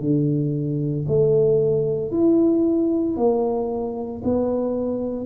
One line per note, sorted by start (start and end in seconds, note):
0.00 1.05 D3
1.08 2.11 A3
2.11 3.16 E4
3.16 4.22 A#3
4.23 5.26 B3